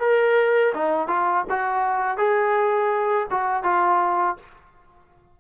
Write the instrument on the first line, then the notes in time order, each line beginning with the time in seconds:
trombone
0.00 A#4
0.75 D#4
1.08 F4
1.50 F#4
2.18 G#4
3.31 F#4
3.64 F4